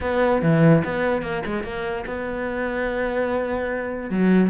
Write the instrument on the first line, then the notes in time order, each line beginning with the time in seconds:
cello
0.01 B3
0.42 E3
0.84 B3
1.22 A#3
1.45 G#3
1.63 A#3
2.06 B3
4.09 F#3